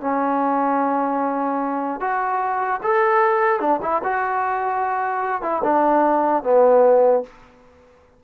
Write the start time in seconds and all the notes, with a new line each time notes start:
0.00 C#4
2.00 F#4
2.82 A4
3.59 D4
3.81 E4
4.03 F#4
5.41 E4
5.63 D4
6.43 B3